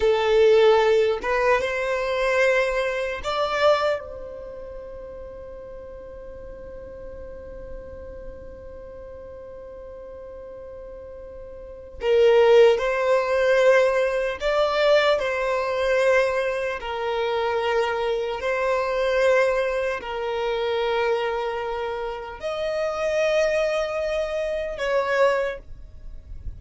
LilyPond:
\new Staff \with { instrumentName = "violin" } { \time 4/4 \tempo 4 = 75 a'4. b'8 c''2 | d''4 c''2.~ | c''1~ | c''2. ais'4 |
c''2 d''4 c''4~ | c''4 ais'2 c''4~ | c''4 ais'2. | dis''2. cis''4 | }